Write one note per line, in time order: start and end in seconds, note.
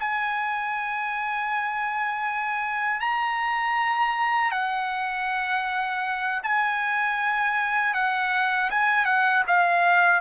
0.00 3.00 G#5
3.00 4.52 A#5
4.52 6.41 F#5
6.43 7.94 G#5
7.94 8.70 F#5
8.71 9.06 G#5
9.06 9.43 F#5
9.47 10.21 F5